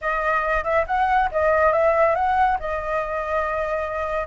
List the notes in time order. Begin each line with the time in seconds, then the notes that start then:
0.01 D#5
0.64 E5
0.86 F#5
1.31 D#5
1.72 E5
2.15 F#5
2.59 D#5